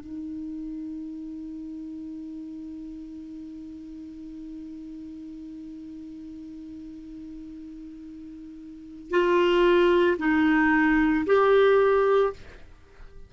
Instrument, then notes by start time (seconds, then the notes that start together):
clarinet
0.00 D#4
9.10 F4
10.18 D#4
11.26 G4